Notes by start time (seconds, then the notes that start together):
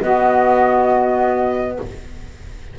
0.00 B3 F#4 D#5